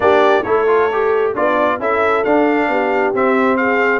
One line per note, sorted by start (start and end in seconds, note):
0.00 0.44 A#3
0.00 0.43 D4
0.00 0.43 G4
0.00 0.43 D5
0.43 1.35 A3
0.43 0.67 E4
0.43 1.32 A4
0.43 1.32 C#5
0.67 0.89 F4
0.92 1.35 G4
1.34 1.79 B3
1.34 1.79 D4
1.34 1.80 F4
1.34 1.80 D5
1.79 2.24 C#4
1.79 2.25 E4
1.79 2.69 A4
1.79 2.24 E5
2.24 2.68 D4
2.24 3.14 D4
2.24 3.13 F5
2.68 3.13 B3
2.68 3.59 G4
3.14 4.00 C4
3.14 3.57 E5
3.57 4.00 G#4
3.57 4.00 F5